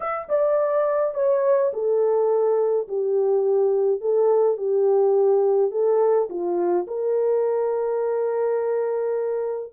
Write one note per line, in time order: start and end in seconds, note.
0.00 0.28 E5
0.29 1.14 D5
1.14 1.71 C#5
1.73 2.87 A4
2.88 4.00 G4
4.00 4.57 A4
4.57 5.71 G4
5.71 6.28 A4
6.29 6.86 F4
6.87 9.73 A#4